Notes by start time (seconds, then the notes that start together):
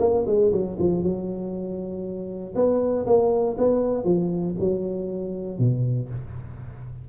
0.00 A#3
0.27 G#3
0.53 F#3
0.80 F3
1.04 F#3
2.56 B3
3.07 A#3
3.58 B3
4.05 F3
4.60 F#3
5.59 B2